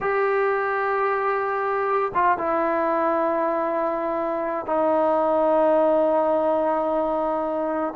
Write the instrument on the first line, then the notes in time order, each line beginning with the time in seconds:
trombone
0.00 G4
2.14 F4
2.37 E4
4.66 D#4